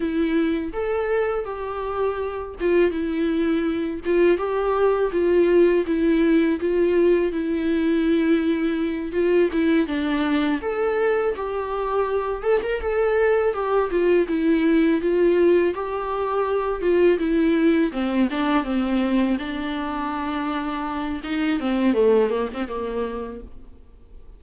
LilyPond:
\new Staff \with { instrumentName = "viola" } { \time 4/4 \tempo 4 = 82 e'4 a'4 g'4. f'8 | e'4. f'8 g'4 f'4 | e'4 f'4 e'2~ | e'8 f'8 e'8 d'4 a'4 g'8~ |
g'4 a'16 ais'16 a'4 g'8 f'8 e'8~ | e'8 f'4 g'4. f'8 e'8~ | e'8 c'8 d'8 c'4 d'4.~ | d'4 dis'8 c'8 a8 ais16 c'16 ais4 | }